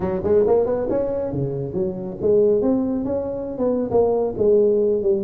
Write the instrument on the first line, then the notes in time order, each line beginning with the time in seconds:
tuba
0.00 F#3
0.23 G#3
0.46 A#3
0.65 B3
0.89 C#4
1.32 C#3
1.73 F#3
2.21 G#3
2.61 C4
3.04 C#4
3.58 B3
3.91 A#3
4.37 G#3
5.02 G3